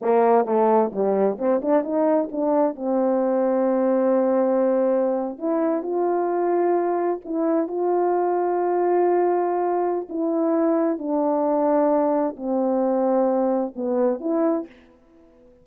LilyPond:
\new Staff \with { instrumentName = "horn" } { \time 4/4 \tempo 4 = 131 ais4 a4 g4 c'8 d'8 | dis'4 d'4 c'2~ | c'2.~ c'8. e'16~ | e'8. f'2. e'16~ |
e'8. f'2.~ f'16~ | f'2 e'2 | d'2. c'4~ | c'2 b4 e'4 | }